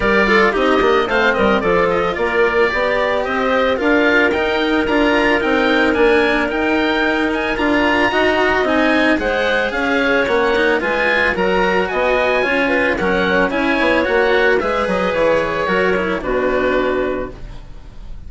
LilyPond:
<<
  \new Staff \with { instrumentName = "oboe" } { \time 4/4 \tempo 4 = 111 d''4 dis''4 f''8 dis''8 d''8 dis''8 | d''2 dis''4 f''4 | g''4 ais''4 g''4 gis''4 | g''4. gis''8 ais''2 |
gis''4 fis''4 f''4 fis''4 | gis''4 ais''4 gis''2 | fis''4 gis''4 fis''4 e''8 dis''8 | cis''2 b'2 | }
  \new Staff \with { instrumentName = "clarinet" } { \time 4/4 ais'8 a'8 g'4 c''8 ais'8 a'4 | ais'4 d''4 c''4 ais'4~ | ais'1~ | ais'2. dis''4~ |
dis''4 c''4 cis''2 | b'4 ais'4 dis''4 cis''8 b'8 | ais'4 cis''2 b'4~ | b'4 ais'4 fis'2 | }
  \new Staff \with { instrumentName = "cello" } { \time 4/4 g'8 f'8 dis'8 d'8 c'4 f'4~ | f'4 g'2 f'4 | dis'4 f'4 dis'4 d'4 | dis'2 f'4 fis'4 |
dis'4 gis'2 cis'8 dis'8 | f'4 fis'2 f'4 | cis'4 e'4 fis'4 gis'4~ | gis'4 fis'8 e'8 d'2 | }
  \new Staff \with { instrumentName = "bassoon" } { \time 4/4 g4 c'8 ais8 a8 g8 f4 | ais4 b4 c'4 d'4 | dis'4 d'4 c'4 ais4 | dis'2 d'4 dis'4 |
c'4 gis4 cis'4 ais4 | gis4 fis4 b4 cis'4 | fis4 cis'8 b8 ais4 gis8 fis8 | e4 fis4 b,2 | }
>>